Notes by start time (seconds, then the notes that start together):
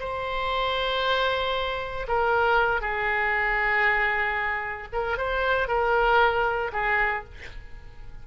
0.00 C5
2.08 A#4
2.81 G#4
4.93 A#4
5.17 C5
5.68 A#4
6.73 G#4